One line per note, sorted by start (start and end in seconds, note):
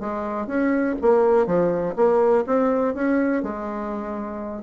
0.00 0.47 G#3
0.47 0.96 C#4
1.02 1.46 A#3
1.46 1.95 F3
1.96 2.45 A#3
2.47 2.95 C4
2.95 3.43 C#4
3.43 4.63 G#3